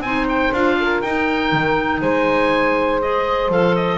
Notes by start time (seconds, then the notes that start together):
0.00 C4 D#4 C5 G#5
0.29 G5
0.52 D4 F4 F5
0.80 A#4
1.02 D#4 G5
1.52 D#3
2.01 G#3 C5 G#5
3.02 G#4 D#5
3.49 F3 A4 F5
3.76 D#5